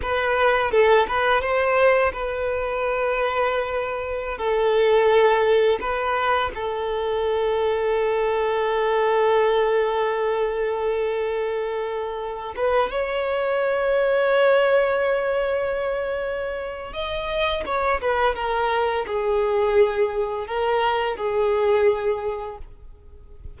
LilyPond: \new Staff \with { instrumentName = "violin" } { \time 4/4 \tempo 4 = 85 b'4 a'8 b'8 c''4 b'4~ | b'2~ b'16 a'4.~ a'16~ | a'16 b'4 a'2~ a'8.~ | a'1~ |
a'4.~ a'16 b'8 cis''4.~ cis''16~ | cis''1 | dis''4 cis''8 b'8 ais'4 gis'4~ | gis'4 ais'4 gis'2 | }